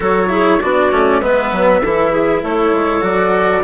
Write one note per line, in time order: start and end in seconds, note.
0.00 0.61 F#3
0.00 0.29 F#4
0.00 0.28 A4
0.00 0.61 C#5
0.29 0.59 E4
0.29 0.59 G#4
0.59 0.91 B3
0.59 0.92 D4
0.59 1.20 F#4
0.59 1.21 D5
0.91 1.21 A3
0.91 1.21 C#4
1.20 1.51 G#3
1.20 1.82 B3
1.20 1.81 B4
1.20 2.42 E5
1.51 1.82 F#3
1.82 2.42 E3
1.82 3.01 E4
1.82 2.11 A4
2.11 2.41 G#4
2.41 2.72 A3
2.41 3.63 A4
2.41 3.03 C#5
2.72 3.02 G#3
3.01 3.62 F#3
3.01 3.61 F#4
3.01 3.64 D5